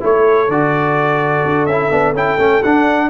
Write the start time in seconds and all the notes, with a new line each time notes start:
0.00 A3 E4 A4 C#5
0.48 D3 F#4 D5
1.45 D4
1.66 C#4 E4 E5
1.91 B3 D4
2.13 C#4 E4 G5
2.38 A3 C#4
2.63 D4 F#5